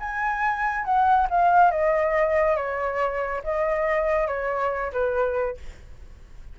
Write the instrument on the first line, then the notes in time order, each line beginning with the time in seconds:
flute
0.00 G#5
0.85 F#5
1.30 F5
1.71 D#5
2.57 C#5
3.44 D#5
4.28 C#5
4.93 B4